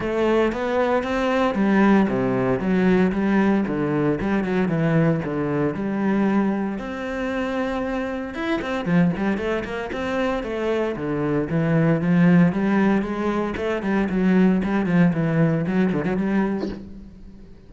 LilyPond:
\new Staff \with { instrumentName = "cello" } { \time 4/4 \tempo 4 = 115 a4 b4 c'4 g4 | c4 fis4 g4 d4 | g8 fis8 e4 d4 g4~ | g4 c'2. |
e'8 c'8 f8 g8 a8 ais8 c'4 | a4 d4 e4 f4 | g4 gis4 a8 g8 fis4 | g8 f8 e4 fis8 d16 fis16 g4 | }